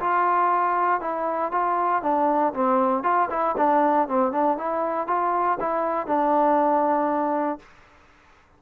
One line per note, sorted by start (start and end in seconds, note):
0.00 1.01 F4
1.01 1.51 E4
1.51 2.02 F4
2.02 2.53 D4
2.54 3.03 C4
3.03 3.29 F4
3.30 3.55 E4
3.57 4.08 D4
4.08 4.32 C4
4.32 4.57 D4
4.57 5.07 E4
5.07 5.58 F4
5.60 6.06 E4
6.06 7.59 D4